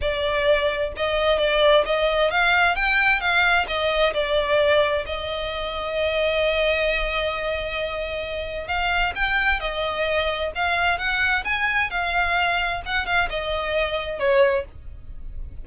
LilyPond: \new Staff \with { instrumentName = "violin" } { \time 4/4 \tempo 4 = 131 d''2 dis''4 d''4 | dis''4 f''4 g''4 f''4 | dis''4 d''2 dis''4~ | dis''1~ |
dis''2. f''4 | g''4 dis''2 f''4 | fis''4 gis''4 f''2 | fis''8 f''8 dis''2 cis''4 | }